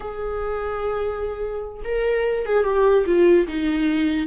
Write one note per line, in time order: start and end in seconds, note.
0.00 1.83 G#4
1.84 2.45 A#4
2.45 2.64 G#4
2.64 3.05 G4
3.06 3.47 F4
3.47 4.26 D#4